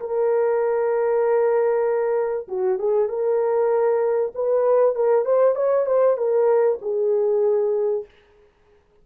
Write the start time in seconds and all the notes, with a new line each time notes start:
0.00 A#4
2.48 F#4
2.79 G#4
3.09 A#4
4.35 B4
4.95 A#4
5.25 C5
5.55 C#5
5.86 C5
6.17 A#4
6.82 G#4